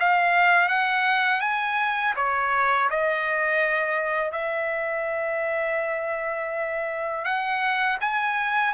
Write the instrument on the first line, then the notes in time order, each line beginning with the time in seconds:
trumpet
0.00 F5
0.69 F#5
1.41 G#5
2.17 C#5
2.90 D#5
4.32 E5
7.25 F#5
8.01 G#5